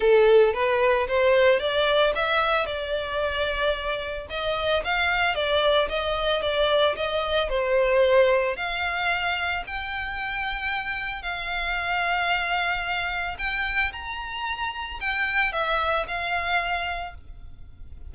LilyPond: \new Staff \with { instrumentName = "violin" } { \time 4/4 \tempo 4 = 112 a'4 b'4 c''4 d''4 | e''4 d''2. | dis''4 f''4 d''4 dis''4 | d''4 dis''4 c''2 |
f''2 g''2~ | g''4 f''2.~ | f''4 g''4 ais''2 | g''4 e''4 f''2 | }